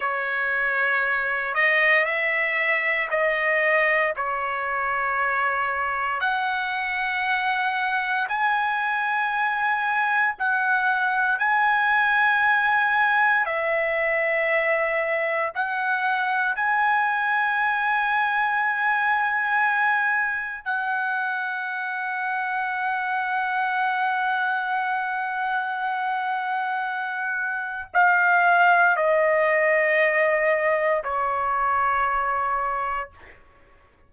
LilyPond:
\new Staff \with { instrumentName = "trumpet" } { \time 4/4 \tempo 4 = 58 cis''4. dis''8 e''4 dis''4 | cis''2 fis''2 | gis''2 fis''4 gis''4~ | gis''4 e''2 fis''4 |
gis''1 | fis''1~ | fis''2. f''4 | dis''2 cis''2 | }